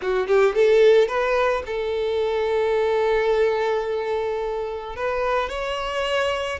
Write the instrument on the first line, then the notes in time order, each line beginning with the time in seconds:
violin
0.01 F#4
0.27 G4
0.55 A4
1.07 B4
1.66 A4
4.96 B4
5.49 C#5